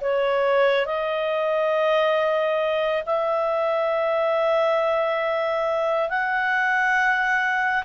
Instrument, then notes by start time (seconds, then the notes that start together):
clarinet
0.00 C#5
0.85 D#5
3.06 E5
6.09 F#5